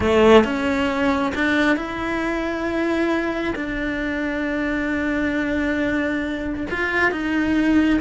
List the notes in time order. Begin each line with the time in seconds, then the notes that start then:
0.00 A3
0.44 C#4
1.35 D4
1.76 E4
3.55 D4
6.70 F4
7.11 D#4